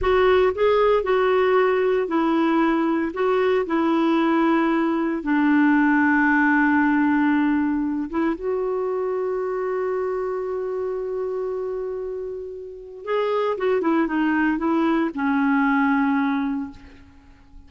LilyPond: \new Staff \with { instrumentName = "clarinet" } { \time 4/4 \tempo 4 = 115 fis'4 gis'4 fis'2 | e'2 fis'4 e'4~ | e'2 d'2~ | d'2.~ d'8 e'8 |
fis'1~ | fis'1~ | fis'4 gis'4 fis'8 e'8 dis'4 | e'4 cis'2. | }